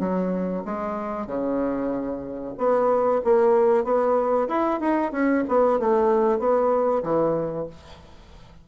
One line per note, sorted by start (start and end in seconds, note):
0.00 0.64 F#3
0.65 1.27 G#3
1.27 2.55 C#3
2.58 3.22 B3
3.24 3.84 A#3
3.84 4.48 B3
4.49 4.80 E4
4.81 5.12 D#4
5.12 5.44 C#4
5.48 5.80 B3
5.80 6.39 A3
6.39 7.03 B3
7.04 7.67 E3